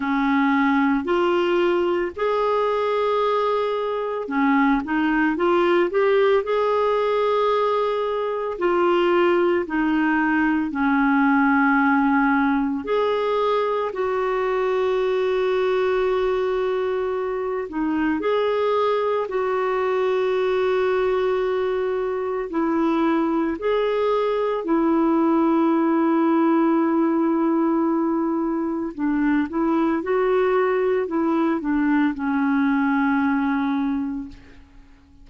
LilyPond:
\new Staff \with { instrumentName = "clarinet" } { \time 4/4 \tempo 4 = 56 cis'4 f'4 gis'2 | cis'8 dis'8 f'8 g'8 gis'2 | f'4 dis'4 cis'2 | gis'4 fis'2.~ |
fis'8 dis'8 gis'4 fis'2~ | fis'4 e'4 gis'4 e'4~ | e'2. d'8 e'8 | fis'4 e'8 d'8 cis'2 | }